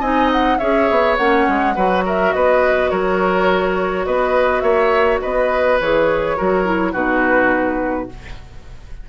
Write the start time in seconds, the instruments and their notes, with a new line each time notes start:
0.00 bassoon C4, clarinet D#4, oboe D#5, flute G#5
0.32 flute F#5
0.58 bassoon C#4, clarinet G#4, oboe C#5, flute E5
0.91 bassoon B3
1.17 bassoon A#3, clarinet C#4, flute F#5
1.49 bassoon G#3
1.76 bassoon F#3, clarinet F#4, oboe B4
2.05 oboe A#4, flute E5
2.32 bassoon B3, oboe B4, flute D#5
2.90 bassoon F#3, oboe A#4, flute C#5
4.06 bassoon B3, oboe B4, flute D#5
4.61 bassoon A#3, oboe C#5, flute E5
5.22 bassoon B3, oboe B4, flute D#5
5.81 bassoon E3, clarinet G#4, flute C#5
6.37 bassoon F#3, clarinet F#4, oboe A#4
6.65 clarinet E4
6.93 bassoon B2, clarinet D#4, oboe F#4, flute B4